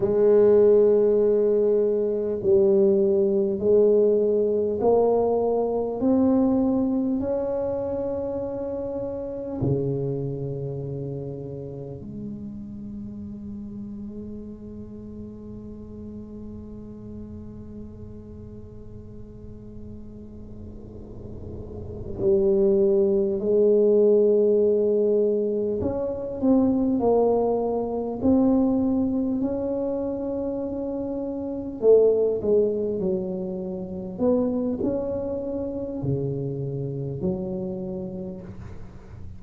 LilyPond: \new Staff \with { instrumentName = "tuba" } { \time 4/4 \tempo 4 = 50 gis2 g4 gis4 | ais4 c'4 cis'2 | cis2 gis2~ | gis1~ |
gis2~ gis8 g4 gis8~ | gis4. cis'8 c'8 ais4 c'8~ | c'8 cis'2 a8 gis8 fis8~ | fis8 b8 cis'4 cis4 fis4 | }